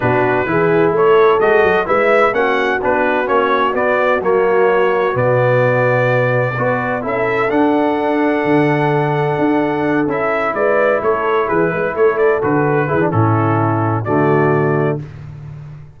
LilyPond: <<
  \new Staff \with { instrumentName = "trumpet" } { \time 4/4 \tempo 4 = 128 b'2 cis''4 dis''4 | e''4 fis''4 b'4 cis''4 | d''4 cis''2 d''4~ | d''2. e''4 |
fis''1~ | fis''4. e''4 d''4 cis''8~ | cis''8 b'4 cis''8 d''8 b'4. | a'2 d''2 | }
  \new Staff \with { instrumentName = "horn" } { \time 4/4 fis'4 gis'4 a'2 | b'4 fis'2.~ | fis'1~ | fis'2 b'4 a'4~ |
a'1~ | a'2~ a'8 b'4 a'8~ | a'8 gis'8 b'8 a'2 gis'8 | e'2 fis'2 | }
  \new Staff \with { instrumentName = "trombone" } { \time 4/4 d'4 e'2 fis'4 | e'4 cis'4 d'4 cis'4 | b4 ais2 b4~ | b2 fis'4 e'4 |
d'1~ | d'4. e'2~ e'8~ | e'2~ e'8 fis'4 e'16 d'16 | cis'2 a2 | }
  \new Staff \with { instrumentName = "tuba" } { \time 4/4 b,4 e4 a4 gis8 fis8 | gis4 ais4 b4 ais4 | b4 fis2 b,4~ | b,2 b4 cis'4 |
d'2 d2 | d'4. cis'4 gis4 a8~ | a8 e8 gis8 a4 d4 e8 | a,2 d2 | }
>>